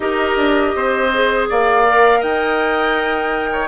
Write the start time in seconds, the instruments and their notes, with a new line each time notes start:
0.00 bassoon D#4, clarinet G4, oboe A#4, flute D#5
0.36 bassoon D4
0.74 bassoon C4, oboe C5
1.13 clarinet G#4
1.49 bassoon A#3, oboe D5, flute F5
1.86 clarinet A#4
2.20 bassoon D#4, oboe D#5, flute G5
3.52 oboe C#5